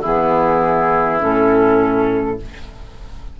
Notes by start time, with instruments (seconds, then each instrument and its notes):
0.00 bassoon E3, clarinet B3, oboe E4, flute G#4
1.19 bassoon A2, clarinet C#4, flute A4